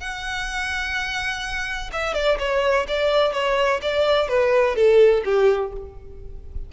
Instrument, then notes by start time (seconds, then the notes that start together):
violin
0.00 F#5
1.92 E5
2.14 D5
2.39 C#5
2.88 D5
3.33 C#5
3.82 D5
4.29 B4
4.76 A4
5.25 G4